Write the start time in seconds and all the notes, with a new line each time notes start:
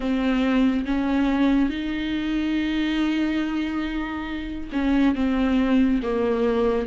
0.00 C4
0.85 C#4
1.69 D#4
4.72 C#4
5.15 C4
6.02 A#3